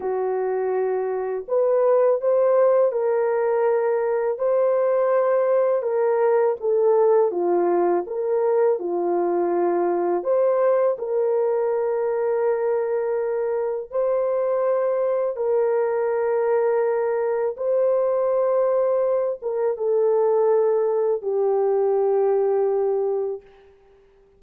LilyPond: \new Staff \with { instrumentName = "horn" } { \time 4/4 \tempo 4 = 82 fis'2 b'4 c''4 | ais'2 c''2 | ais'4 a'4 f'4 ais'4 | f'2 c''4 ais'4~ |
ais'2. c''4~ | c''4 ais'2. | c''2~ c''8 ais'8 a'4~ | a'4 g'2. | }